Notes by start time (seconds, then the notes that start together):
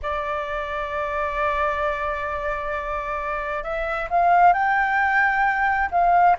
0.02 D5
3.63 E5
4.10 F5
4.52 G5
5.91 F5